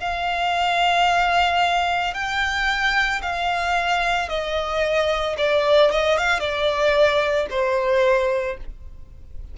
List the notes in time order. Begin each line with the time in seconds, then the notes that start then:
0.00 F5
2.14 G5
3.22 F5
4.29 D#5
5.38 D5
5.91 D#5
6.18 F5
6.40 D5
7.50 C5